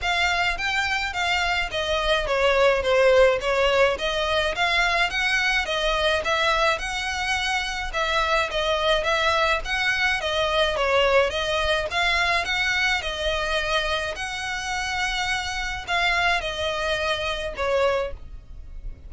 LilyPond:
\new Staff \with { instrumentName = "violin" } { \time 4/4 \tempo 4 = 106 f''4 g''4 f''4 dis''4 | cis''4 c''4 cis''4 dis''4 | f''4 fis''4 dis''4 e''4 | fis''2 e''4 dis''4 |
e''4 fis''4 dis''4 cis''4 | dis''4 f''4 fis''4 dis''4~ | dis''4 fis''2. | f''4 dis''2 cis''4 | }